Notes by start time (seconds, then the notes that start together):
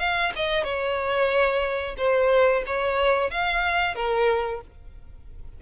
0.00 F5
0.36 D#5
0.64 C#5
1.98 C5
2.67 C#5
3.31 F5
3.96 A#4